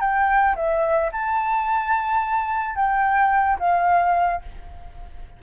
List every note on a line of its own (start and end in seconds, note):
0.00 0.55 G5
0.56 1.11 E5
1.12 2.75 A5
2.75 3.58 G5
3.59 4.41 F5